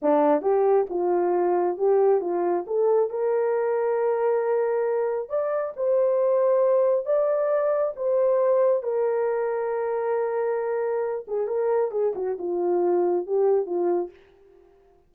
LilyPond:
\new Staff \with { instrumentName = "horn" } { \time 4/4 \tempo 4 = 136 d'4 g'4 f'2 | g'4 f'4 a'4 ais'4~ | ais'1 | d''4 c''2. |
d''2 c''2 | ais'1~ | ais'4. gis'8 ais'4 gis'8 fis'8 | f'2 g'4 f'4 | }